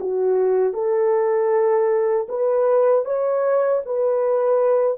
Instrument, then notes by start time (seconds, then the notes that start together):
horn
0.00 F#4
0.73 A4
2.28 B4
3.05 C#5
3.85 B4